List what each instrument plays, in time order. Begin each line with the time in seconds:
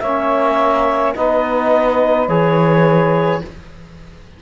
0.00 cello A#3, trombone C#4, saxophone C#5, clarinet E5
1.16 cello B3, trombone D#4, saxophone B4, clarinet D#5
2.29 cello E3, trombone G#4, clarinet C#5